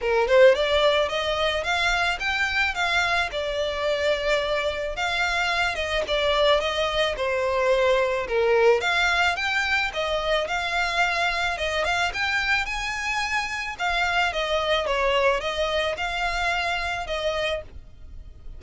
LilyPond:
\new Staff \with { instrumentName = "violin" } { \time 4/4 \tempo 4 = 109 ais'8 c''8 d''4 dis''4 f''4 | g''4 f''4 d''2~ | d''4 f''4. dis''8 d''4 | dis''4 c''2 ais'4 |
f''4 g''4 dis''4 f''4~ | f''4 dis''8 f''8 g''4 gis''4~ | gis''4 f''4 dis''4 cis''4 | dis''4 f''2 dis''4 | }